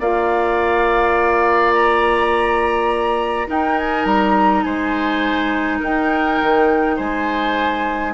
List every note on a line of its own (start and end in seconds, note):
0.00 3.49 A#3
0.00 3.48 F4
0.00 3.48 D5
0.00 1.74 F5
1.74 3.48 A#5
3.48 8.14 D#4
3.48 4.06 D#4
3.48 4.65 A#4
3.48 3.79 G5
3.79 4.05 G#5
4.05 4.64 G3
4.05 4.63 A#5
4.63 5.81 G#3
4.63 5.79 C5
4.63 5.80 G#5
5.79 6.41 D#4
5.79 6.96 A#4
5.79 6.98 G5
6.42 6.99 D#3
6.97 8.14 G#3
6.97 8.13 C5
6.97 8.14 G#5